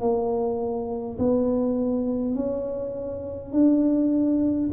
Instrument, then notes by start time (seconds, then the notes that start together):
tuba
0.00 A#3
1.18 B3
2.35 C#4
3.52 D4